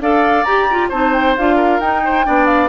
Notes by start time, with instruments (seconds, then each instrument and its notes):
0.00 bassoon D4, clarinet A4, oboe D5, flute F5
0.43 bassoon G4, clarinet G4, flute A#5
0.70 clarinet F4
0.88 bassoon C4, clarinet D#4, oboe C5, flute A5
1.13 flute G5
1.36 bassoon D4, clarinet F4, flute F5
1.56 oboe A#4
1.79 bassoon D#4, clarinet D#4, flute G5
2.04 oboe C5
2.24 bassoon B3, clarinet D4, oboe D5
2.46 flute F5